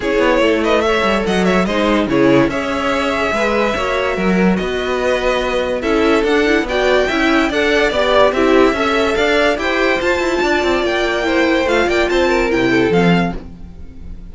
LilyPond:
<<
  \new Staff \with { instrumentName = "violin" } { \time 4/4 \tempo 4 = 144 cis''4. dis''8 e''4 fis''8 e''8 | dis''4 cis''4 e''2~ | e''2. dis''4~ | dis''2 e''4 fis''4 |
g''2 fis''4 d''4 | e''2 f''4 g''4 | a''2 g''2 | f''8 g''8 a''4 g''4 f''4 | }
  \new Staff \with { instrumentName = "violin" } { \time 4/4 gis'4 a'8 b'8 cis''4 dis''8 cis''8 | c''4 gis'4 cis''2 | b'4 cis''4 ais'4 b'4~ | b'2 a'2 |
d''4 e''4 d''2 | g'4 e''4 d''4 c''4~ | c''4 d''2 c''4~ | c''8 d''8 c''8 ais'4 a'4. | }
  \new Staff \with { instrumentName = "viola" } { \time 4/4 e'2 a'2 | dis'4 e'4 gis'2~ | gis'4 fis'2.~ | fis'2 e'4 d'8 e'8 |
fis'4 e'4 a'4 g'4 | e'4 a'2 g'4 | f'2. e'4 | f'2 e'4 c'4 | }
  \new Staff \with { instrumentName = "cello" } { \time 4/4 cis'8 b8 a4. g8 fis4 | gis4 cis4 cis'2 | gis4 ais4 fis4 b4~ | b2 cis'4 d'4 |
b4 cis'4 d'4 b4 | c'4 cis'4 d'4 e'4 | f'8 e'8 d'8 c'8 ais2 | a8 ais8 c'4 c4 f4 | }
>>